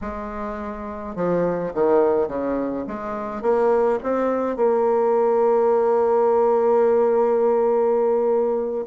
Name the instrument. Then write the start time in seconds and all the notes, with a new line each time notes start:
bassoon
0.01 G#3
1.15 F3
1.74 D#3
2.28 C#3
2.87 G#3
3.41 A#3
4.03 C4
4.56 A#3